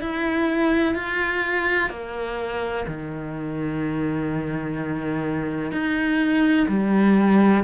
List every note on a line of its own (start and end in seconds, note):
0.00 0.94 E4
0.94 1.89 F4
1.90 2.85 A#3
2.87 5.71 D#3
5.71 6.67 D#4
6.68 7.63 G3